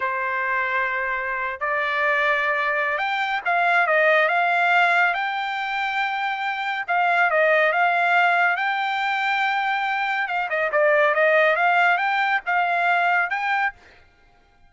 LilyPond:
\new Staff \with { instrumentName = "trumpet" } { \time 4/4 \tempo 4 = 140 c''2.~ c''8. d''16~ | d''2. g''4 | f''4 dis''4 f''2 | g''1 |
f''4 dis''4 f''2 | g''1 | f''8 dis''8 d''4 dis''4 f''4 | g''4 f''2 g''4 | }